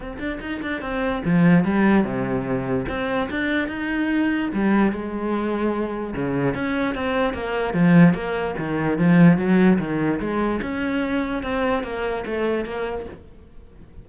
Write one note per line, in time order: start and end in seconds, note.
0.00 0.17 C4
0.18 0.39 D4
0.40 0.61 D#4
0.62 0.81 D4
0.81 1.22 C4
1.24 1.64 F3
1.64 2.04 G3
2.04 2.86 C3
2.88 3.29 C4
3.30 3.68 D4
3.68 4.49 D#4
4.53 4.92 G3
4.92 6.13 G#3
6.13 6.54 C#3
6.54 6.94 C#4
6.94 7.33 C4
7.33 7.73 A#3
7.73 8.14 F3
8.14 8.55 A#3
8.58 8.98 D#3
8.98 9.37 F3
9.37 9.78 F#3
9.78 10.19 D#3
10.19 10.60 G#3
10.62 11.42 C#4
11.42 11.83 C4
11.83 12.24 A#3
12.26 12.64 A3
12.64 13.05 A#3